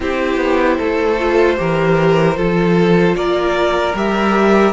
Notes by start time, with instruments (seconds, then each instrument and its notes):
0.00 cello C4, viola E4, violin G4 C5
0.36 cello B3
0.77 cello A3, violin A4
1.18 viola F4
1.56 cello E3, viola G4, violin A#4
2.36 cello F3, viola F4, violin A4
3.14 cello A#3, violin A#4 D5
3.94 cello G3, viola G4, violin E5